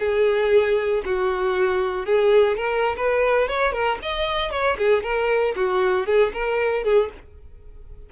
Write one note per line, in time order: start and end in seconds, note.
0.00 1.03 G#4
1.06 2.06 F#4
2.06 2.57 G#4
2.57 2.96 A#4
2.97 3.49 B4
3.49 3.73 C#5
3.73 3.99 A#4
4.03 4.52 D#5
4.52 4.78 C#5
4.78 5.03 G#4
5.03 5.55 A#4
5.56 6.07 F#4
6.07 6.32 G#4
6.34 6.84 A#4
6.84 7.10 G#4